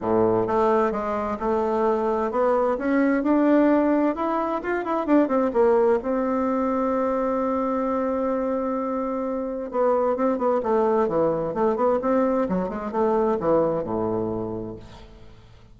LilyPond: \new Staff \with { instrumentName = "bassoon" } { \time 4/4 \tempo 4 = 130 a,4 a4 gis4 a4~ | a4 b4 cis'4 d'4~ | d'4 e'4 f'8 e'8 d'8 c'8 | ais4 c'2.~ |
c'1~ | c'4 b4 c'8 b8 a4 | e4 a8 b8 c'4 fis8 gis8 | a4 e4 a,2 | }